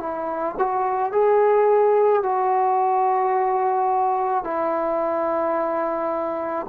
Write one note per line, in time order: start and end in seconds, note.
0.00 0.56 E4
0.59 1.12 F#4
1.12 2.23 G#4
2.23 4.44 F#4
4.44 6.67 E4